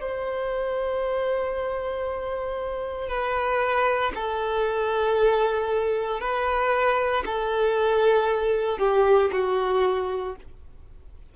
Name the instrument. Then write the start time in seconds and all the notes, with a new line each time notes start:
violin
0.00 C5
3.08 B4
4.15 A4
6.20 B4
7.26 A4
8.78 G4
9.32 F#4